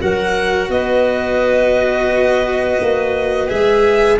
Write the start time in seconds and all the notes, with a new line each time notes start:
0.00 F#3 F#4 A#4 F#5
0.69 B3 B4 D#5
2.80 A#3
3.48 G#3 G#4 E5